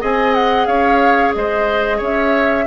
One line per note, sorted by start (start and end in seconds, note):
0.00 0.66 C4
0.00 2.67 G#4
0.00 0.67 D#5
0.00 0.34 G#5
0.34 0.66 F#5
0.66 1.33 C#4
0.66 1.34 C#5
0.66 1.32 F5
1.34 2.00 G#3
1.34 1.97 C5
1.34 2.00 D#5
1.97 2.67 C#4
1.97 2.64 C#5
1.97 2.67 E5